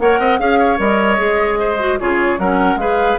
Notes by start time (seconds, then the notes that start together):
0.00 A#3 A#4 C#5 F#5
0.19 C4 D#5
0.39 C#4 G#4 F5
0.59 C#5
0.78 G3 A#4 D#5
1.18 G#3 G#4
1.59 C5
1.79 F#4
1.99 C#3 F4 G#4 C#5
2.39 F#3 C#4 A#4 F#5
2.75 G#3 G#4 B4 F5